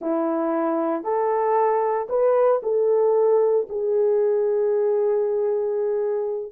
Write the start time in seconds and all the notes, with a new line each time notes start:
0.01 E4
1.03 A4
2.09 B4
2.62 A4
3.69 G#4